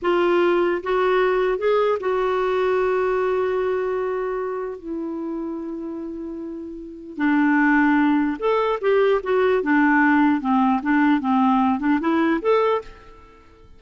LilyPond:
\new Staff \with { instrumentName = "clarinet" } { \time 4/4 \tempo 4 = 150 f'2 fis'2 | gis'4 fis'2.~ | fis'1 | e'1~ |
e'2 d'2~ | d'4 a'4 g'4 fis'4 | d'2 c'4 d'4 | c'4. d'8 e'4 a'4 | }